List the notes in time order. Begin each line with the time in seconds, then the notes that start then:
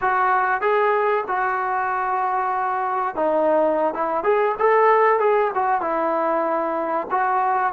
0.01 F#4
0.61 G#4
1.27 F#4
3.15 D#4
3.93 E4
4.23 G#4
4.58 A4
5.19 G#4
5.54 F#4
5.81 E4
7.11 F#4